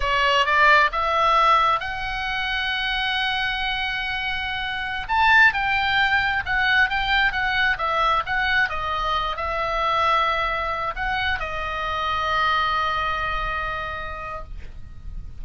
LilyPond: \new Staff \with { instrumentName = "oboe" } { \time 4/4 \tempo 4 = 133 cis''4 d''4 e''2 | fis''1~ | fis''2.~ fis''16 a''8.~ | a''16 g''2 fis''4 g''8.~ |
g''16 fis''4 e''4 fis''4 dis''8.~ | dis''8. e''2.~ e''16~ | e''16 fis''4 dis''2~ dis''8.~ | dis''1 | }